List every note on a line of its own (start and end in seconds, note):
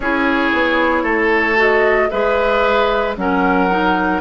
0.00 0.50 C#4
0.00 1.56 E4
0.00 1.03 G#4
0.00 1.58 C#5
0.52 1.03 B3
1.03 2.09 A3
1.03 2.08 A4
1.56 2.09 F#4
1.56 2.09 D#5
2.09 3.16 G#3
2.09 3.16 G#4
2.09 3.16 B4
2.09 3.14 E5
3.16 4.21 F#3
3.16 3.69 C#4
3.16 4.21 A#4
3.16 4.21 F#5
3.70 4.21 D#4